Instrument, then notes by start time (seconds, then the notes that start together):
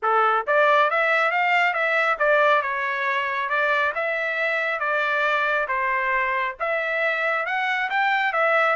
trumpet
0.02 A4
0.46 D5
0.90 E5
1.31 F5
1.73 E5
2.18 D5
2.61 C#5
3.49 D5
3.94 E5
4.79 D5
5.67 C5
6.59 E5
7.46 F#5
7.90 G5
8.32 E5